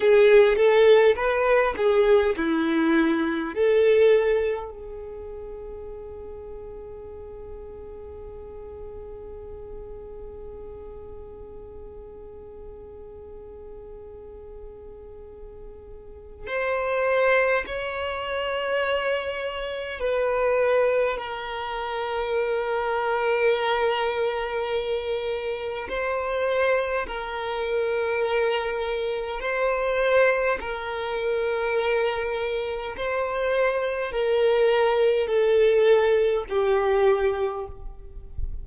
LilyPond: \new Staff \with { instrumentName = "violin" } { \time 4/4 \tempo 4 = 51 gis'8 a'8 b'8 gis'8 e'4 a'4 | gis'1~ | gis'1~ | gis'2 c''4 cis''4~ |
cis''4 b'4 ais'2~ | ais'2 c''4 ais'4~ | ais'4 c''4 ais'2 | c''4 ais'4 a'4 g'4 | }